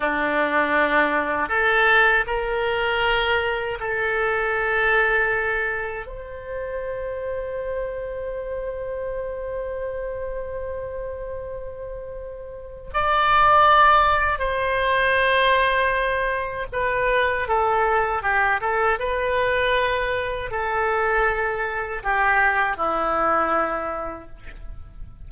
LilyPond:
\new Staff \with { instrumentName = "oboe" } { \time 4/4 \tempo 4 = 79 d'2 a'4 ais'4~ | ais'4 a'2. | c''1~ | c''1~ |
c''4 d''2 c''4~ | c''2 b'4 a'4 | g'8 a'8 b'2 a'4~ | a'4 g'4 e'2 | }